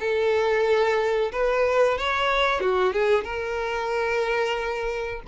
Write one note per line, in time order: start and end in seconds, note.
0.00 1.32 A4
1.32 1.98 B4
1.98 2.61 C#5
2.61 2.93 F#4
2.93 3.25 G#4
3.25 5.22 A#4